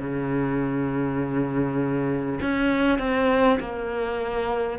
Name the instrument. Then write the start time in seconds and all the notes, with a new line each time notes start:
cello
0.00 C#3
2.42 C#4
2.98 C4
3.60 A#3